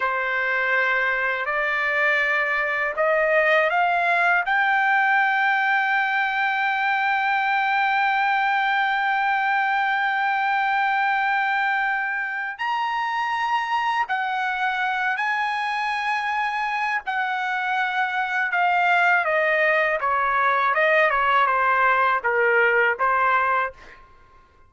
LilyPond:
\new Staff \with { instrumentName = "trumpet" } { \time 4/4 \tempo 4 = 81 c''2 d''2 | dis''4 f''4 g''2~ | g''1~ | g''1~ |
g''4 ais''2 fis''4~ | fis''8 gis''2~ gis''8 fis''4~ | fis''4 f''4 dis''4 cis''4 | dis''8 cis''8 c''4 ais'4 c''4 | }